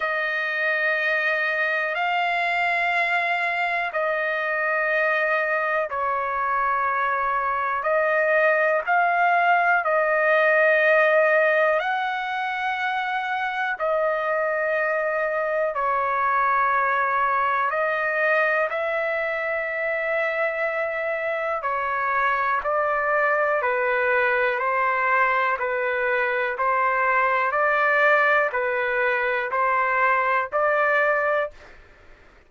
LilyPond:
\new Staff \with { instrumentName = "trumpet" } { \time 4/4 \tempo 4 = 61 dis''2 f''2 | dis''2 cis''2 | dis''4 f''4 dis''2 | fis''2 dis''2 |
cis''2 dis''4 e''4~ | e''2 cis''4 d''4 | b'4 c''4 b'4 c''4 | d''4 b'4 c''4 d''4 | }